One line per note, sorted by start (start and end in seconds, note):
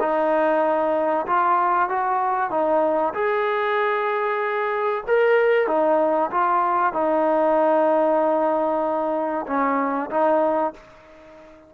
0.00 1.26 D#4
1.26 1.89 F4
1.89 2.51 F#4
2.51 3.14 D#4
3.14 5.04 G#4
5.07 5.68 A#4
5.68 6.31 D#4
6.31 6.93 F4
6.93 9.46 D#4
9.47 10.10 C#4
10.11 10.74 D#4